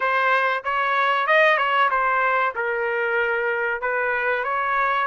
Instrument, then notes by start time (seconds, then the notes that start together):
trumpet
0.00 C5
0.64 C#5
1.26 D#5
1.57 C#5
1.90 C5
2.55 A#4
3.81 B4
4.44 C#5